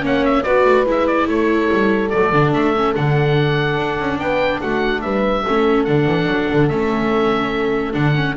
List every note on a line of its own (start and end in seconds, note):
0.00 0.43 A#3
0.00 0.42 C#4
0.00 0.44 C#5
0.00 0.25 F#5
0.25 0.43 E5
0.43 0.65 B3
0.43 0.86 F#4
0.43 1.27 B4
0.43 0.85 D5
0.65 0.85 A3
0.85 1.27 G#3
0.85 2.11 E4
0.85 1.07 E5
1.07 1.28 D5
1.27 1.68 A3
1.27 4.21 A4
1.27 2.09 C#5
1.71 2.13 G3
2.09 2.32 F#3
2.09 2.33 A3
2.09 2.51 D5
2.32 2.53 D3
2.32 2.75 D4
2.53 2.94 A3
2.53 2.95 E5
2.76 2.95 C#4
2.95 3.78 D3
2.95 5.45 D4
2.95 4.19 F#5
3.78 3.98 D4
3.99 4.18 C#4
4.18 4.60 B3
4.18 4.60 B4
4.18 4.60 G5
4.60 5.03 A3
4.60 5.02 F#4
4.60 5.01 F#5
5.01 5.45 G3
5.01 5.42 B4
5.01 5.84 E5
5.42 5.87 A3
5.42 5.87 C#4
5.42 8.34 A4
5.84 6.06 D3
5.84 6.70 D4
5.84 6.67 F#5
6.06 6.26 E3
6.26 6.47 F#3
6.53 6.69 D3
6.68 7.94 A3
6.68 7.93 C#4
6.68 7.93 E5
7.93 8.36 D3
7.93 8.13 D4
7.93 8.35 F#5
8.15 8.36 C#4